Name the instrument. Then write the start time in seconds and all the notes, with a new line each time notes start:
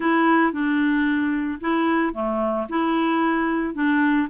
clarinet
0.00 E4
0.52 D4
1.60 E4
2.13 A3
2.69 E4
3.74 D4